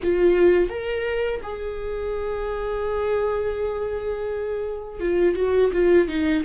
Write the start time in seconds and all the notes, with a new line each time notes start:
0.02 F4
0.69 A#4
1.43 G#4
4.99 F4
5.35 F#4
5.72 F4
6.08 D#4